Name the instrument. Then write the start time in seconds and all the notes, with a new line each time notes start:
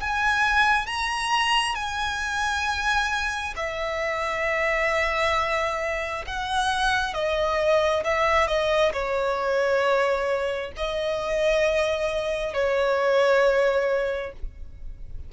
violin
0.00 G#5
0.86 A#5
1.75 G#5
3.56 E5
6.26 F#5
7.14 D#5
8.04 E5
8.47 D#5
8.93 C#5
10.76 D#5
12.53 C#5